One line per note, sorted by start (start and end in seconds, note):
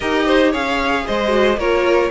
0.00 0.54 D#4
0.00 0.53 G4
0.00 0.26 A#4
0.00 0.53 D#5
0.26 0.51 C5
0.51 1.07 C#4
0.51 1.27 G#4
0.51 1.03 C#5
0.51 1.06 F5
1.06 1.57 G#3
1.06 1.58 C5
1.06 1.59 D#5
1.27 1.54 F#4
1.57 2.10 A#3
1.57 2.11 F4
1.57 2.11 A#4
1.57 2.11 C#5